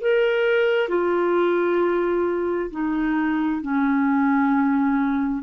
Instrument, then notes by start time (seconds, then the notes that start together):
clarinet
0.00 A#4
0.88 F4
2.71 D#4
3.62 C#4